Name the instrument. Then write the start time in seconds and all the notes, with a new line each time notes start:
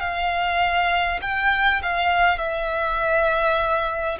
violin
0.00 F5
1.22 G5
1.83 F5
2.38 E5